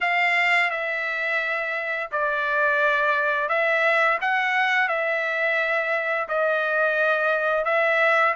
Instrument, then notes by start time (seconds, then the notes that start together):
trumpet
0.00 F5
0.70 E5
2.11 D5
3.49 E5
4.21 F#5
4.88 E5
6.28 D#5
7.65 E5